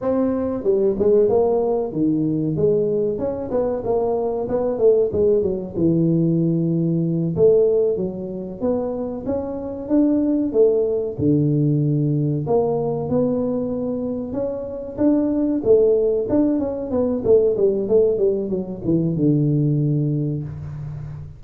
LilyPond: \new Staff \with { instrumentName = "tuba" } { \time 4/4 \tempo 4 = 94 c'4 g8 gis8 ais4 dis4 | gis4 cis'8 b8 ais4 b8 a8 | gis8 fis8 e2~ e8 a8~ | a8 fis4 b4 cis'4 d'8~ |
d'8 a4 d2 ais8~ | ais8 b2 cis'4 d'8~ | d'8 a4 d'8 cis'8 b8 a8 g8 | a8 g8 fis8 e8 d2 | }